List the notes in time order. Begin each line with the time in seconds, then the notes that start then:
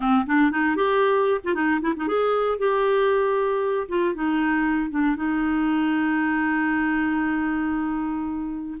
0.00 C4
0.26 D4
0.51 D#4
0.76 G4
1.43 F4
1.54 D#4
1.81 E4
1.96 D#4
2.07 G#4
2.58 G4
3.88 F4
4.14 D#4
4.90 D4
5.16 D#4